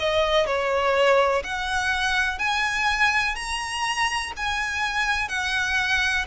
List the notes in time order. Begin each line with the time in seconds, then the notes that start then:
0.00 D#5
0.47 C#5
1.44 F#5
2.39 G#5
3.36 A#5
4.37 G#5
5.29 F#5